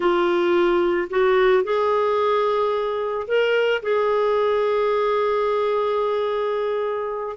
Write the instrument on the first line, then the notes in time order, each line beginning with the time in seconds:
clarinet
0.00 F4
1.10 F#4
1.63 G#4
3.27 A#4
3.82 G#4